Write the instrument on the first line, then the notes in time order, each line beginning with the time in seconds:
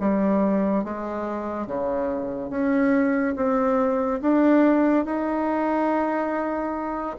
bassoon
0.00 G3
0.84 G#3
1.67 C#3
2.50 C#4
3.36 C4
4.21 D4
5.05 D#4